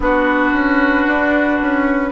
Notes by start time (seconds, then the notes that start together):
0.00 B3 D4 F#4 B4
0.53 C#4
1.07 D4
1.61 C#4